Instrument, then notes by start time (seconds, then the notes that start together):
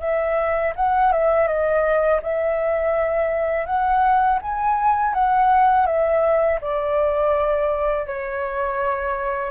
flute
0.00 E5
0.75 F#5
1.12 E5
1.48 D#5
2.22 E5
3.66 F#5
4.42 G#5
5.14 F#5
5.86 E5
6.61 D5
8.06 C#5